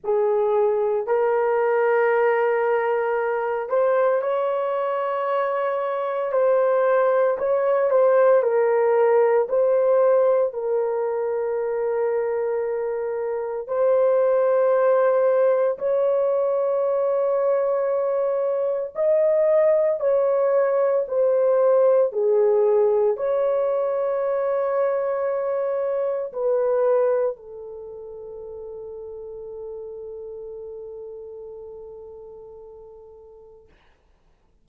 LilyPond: \new Staff \with { instrumentName = "horn" } { \time 4/4 \tempo 4 = 57 gis'4 ais'2~ ais'8 c''8 | cis''2 c''4 cis''8 c''8 | ais'4 c''4 ais'2~ | ais'4 c''2 cis''4~ |
cis''2 dis''4 cis''4 | c''4 gis'4 cis''2~ | cis''4 b'4 a'2~ | a'1 | }